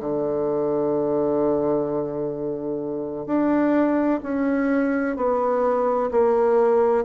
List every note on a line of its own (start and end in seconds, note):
0.00 3.26 D3
3.26 4.20 D4
4.23 5.16 C#4
5.16 6.10 B3
6.11 7.05 A#3